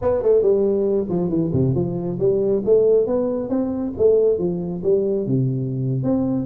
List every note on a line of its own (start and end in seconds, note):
0.01 0.22 B3
0.22 0.42 A3
0.42 1.07 G3
1.09 1.29 F3
1.29 1.51 E3
1.52 1.74 C3
1.75 2.18 F3
2.19 2.63 G3
2.65 3.06 A3
3.06 3.49 B3
3.49 3.93 C4
3.97 4.38 A3
4.38 4.82 F3
4.83 5.26 G3
5.26 6.03 C3
6.03 6.45 C4